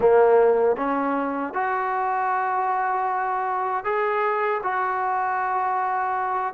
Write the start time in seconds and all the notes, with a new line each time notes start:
0.00 A#3
0.76 C#4
1.53 F#4
3.84 G#4
4.63 F#4